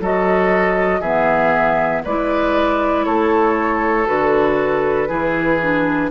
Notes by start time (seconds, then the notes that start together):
0.00 F#3 F#4 A4 D#5
1.00 E3 B3 G#4 E5
2.04 G#3 E4 B4 D5
3.05 A3 A4 C#5
4.06 D3 F#4 B4
5.08 E3 E4 G#4
5.62 D4